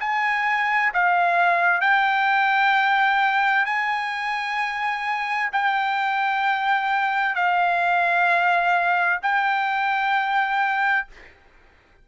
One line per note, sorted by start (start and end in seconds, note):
0.00 0.92 G#5
0.93 1.80 F5
1.80 3.65 G5
3.65 5.50 G#5
5.52 7.35 G5
7.35 9.19 F5
9.22 11.07 G5